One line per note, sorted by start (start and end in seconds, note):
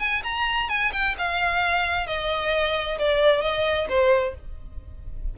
0.00 0.23 G#5
0.24 0.70 A#5
0.70 0.92 G#5
0.93 1.16 G5
1.18 2.07 F5
2.07 2.99 D#5
2.99 3.42 D5
3.42 3.88 D#5
3.90 4.35 C5